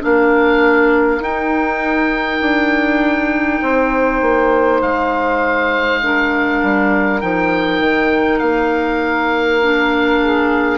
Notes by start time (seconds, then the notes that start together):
0.00 A#3 D4 A#4 F5
1.20 D#4 G5
2.41 D4
3.62 C4 C5
4.21 A#3
4.82 G#3 F5
6.02 D4 A#4
6.62 G3
7.21 F3 D#4 G5
7.80 D#3
8.39 A#3 F5
9.62 D4
10.21 G#4